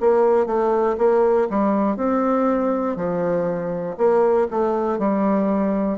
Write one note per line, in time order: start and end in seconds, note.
0.00 0.46 A#3
0.46 0.96 A3
0.97 1.47 A#3
1.50 1.97 G3
1.97 2.96 C4
2.96 3.96 F3
3.97 4.47 A#3
4.50 4.99 A3
4.99 5.98 G3